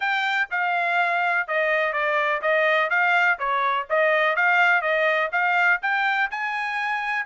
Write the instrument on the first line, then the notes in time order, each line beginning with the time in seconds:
trumpet
0.00 G5
0.50 F5
1.47 D#5
1.92 D5
2.41 D#5
2.90 F5
3.38 C#5
3.89 D#5
4.36 F5
4.81 D#5
5.32 F5
5.82 G5
6.30 G#5